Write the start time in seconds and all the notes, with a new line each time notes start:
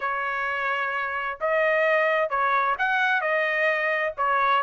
0.00 C#5
1.40 D#5
2.29 C#5
2.78 F#5
3.21 D#5
4.17 C#5